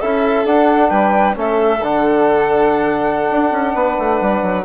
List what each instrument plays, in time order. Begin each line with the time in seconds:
0.00 bassoon C#4, trombone E4, violin A4, flute E5
0.44 bassoon D4, trombone D4, flute F#5
0.89 bassoon G3, violin B4, flute G5
1.34 bassoon A3, trombone C#4, violin A4, flute E5
1.80 bassoon D3, trombone D4, flute F#5
3.31 bassoon D4
3.51 bassoon C#4
3.74 bassoon B3, violin B4
3.98 bassoon A3
4.20 bassoon G3
4.42 bassoon F#3